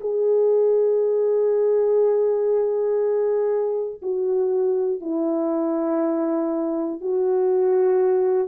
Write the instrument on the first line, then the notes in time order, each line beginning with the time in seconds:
horn
0.00 G#4
4.01 F#4
5.00 E4
7.00 F#4